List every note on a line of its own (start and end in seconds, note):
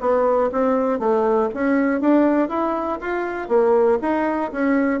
0.00 0.50 B3
0.52 0.99 C4
0.99 1.49 A3
1.54 2.00 C#4
2.00 2.49 D4
2.49 2.99 E4
3.00 3.48 F4
3.48 3.98 A#3
4.01 4.51 D#4
4.51 5.00 C#4